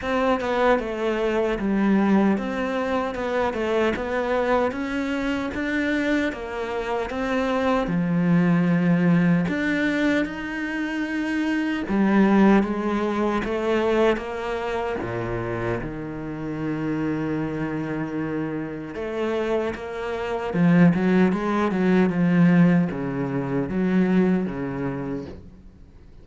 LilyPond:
\new Staff \with { instrumentName = "cello" } { \time 4/4 \tempo 4 = 76 c'8 b8 a4 g4 c'4 | b8 a8 b4 cis'4 d'4 | ais4 c'4 f2 | d'4 dis'2 g4 |
gis4 a4 ais4 ais,4 | dis1 | a4 ais4 f8 fis8 gis8 fis8 | f4 cis4 fis4 cis4 | }